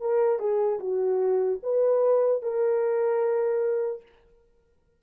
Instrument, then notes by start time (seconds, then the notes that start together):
horn
0.00 A#4
0.39 G#4
0.79 F#4
1.62 B4
2.42 A#4